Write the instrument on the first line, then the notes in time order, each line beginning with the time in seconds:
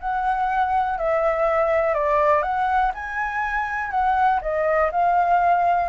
flute
0.00 F#5
0.98 E5
1.94 D5
2.43 F#5
2.94 G#5
3.91 F#5
4.42 D#5
4.92 F5